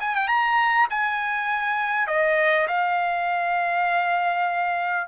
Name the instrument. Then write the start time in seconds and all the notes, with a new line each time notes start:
trumpet
0.00 G#5
0.15 G5
0.28 A#5
0.90 G#5
2.07 D#5
2.68 F5